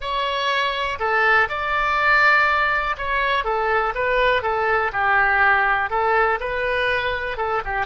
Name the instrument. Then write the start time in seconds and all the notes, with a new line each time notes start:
oboe
0.00 C#5
0.99 A4
1.48 D5
2.97 C#5
3.44 A4
3.95 B4
4.42 A4
4.92 G4
5.90 A4
6.40 B4
7.37 A4
7.65 G4